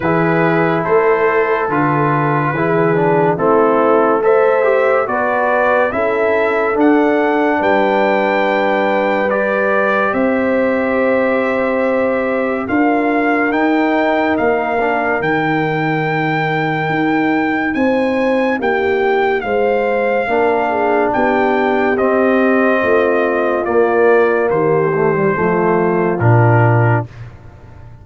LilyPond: <<
  \new Staff \with { instrumentName = "trumpet" } { \time 4/4 \tempo 4 = 71 b'4 c''4 b'2 | a'4 e''4 d''4 e''4 | fis''4 g''2 d''4 | e''2. f''4 |
g''4 f''4 g''2~ | g''4 gis''4 g''4 f''4~ | f''4 g''4 dis''2 | d''4 c''2 ais'4 | }
  \new Staff \with { instrumentName = "horn" } { \time 4/4 gis'4 a'2 gis'4 | e'4 c''4 b'4 a'4~ | a'4 b'2. | c''2. ais'4~ |
ais'1~ | ais'4 c''4 g'4 c''4 | ais'8 gis'8 g'2 f'4~ | f'4 g'4 f'2 | }
  \new Staff \with { instrumentName = "trombone" } { \time 4/4 e'2 f'4 e'8 d'8 | c'4 a'8 g'8 fis'4 e'4 | d'2. g'4~ | g'2. f'4 |
dis'4. d'8 dis'2~ | dis'1 | d'2 c'2 | ais4. a16 g16 a4 d'4 | }
  \new Staff \with { instrumentName = "tuba" } { \time 4/4 e4 a4 d4 e4 | a2 b4 cis'4 | d'4 g2. | c'2. d'4 |
dis'4 ais4 dis2 | dis'4 c'4 ais4 gis4 | ais4 b4 c'4 a4 | ais4 dis4 f4 ais,4 | }
>>